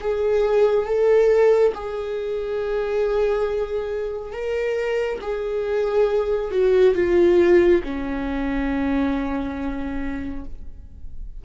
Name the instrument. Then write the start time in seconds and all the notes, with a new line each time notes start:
viola
0.00 G#4
0.86 A4
1.74 G#4
4.32 A#4
5.21 G#4
6.51 F#4
6.95 F4
7.83 C#4